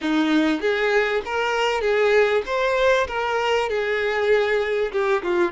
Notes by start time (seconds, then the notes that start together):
0.01 D#4
0.60 G#4
1.25 A#4
1.81 G#4
2.45 C5
3.08 A#4
3.69 G#4
4.91 G4
5.22 F4